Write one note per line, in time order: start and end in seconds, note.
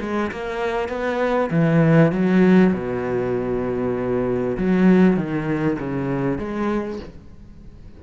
0.00 0.31 G#3
0.31 0.88 A#3
0.88 1.49 B3
1.50 2.12 E3
2.12 2.73 F#3
2.73 4.56 B2
4.57 5.16 F#3
5.16 5.77 D#3
5.79 6.38 C#3
6.38 6.99 G#3